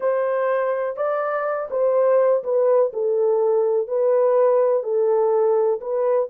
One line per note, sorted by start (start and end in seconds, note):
0.00 0.96 C5
0.96 1.68 D5
1.70 2.43 C5
2.43 2.92 B4
2.93 3.87 A4
3.87 4.83 B4
4.83 5.80 A4
5.80 6.29 B4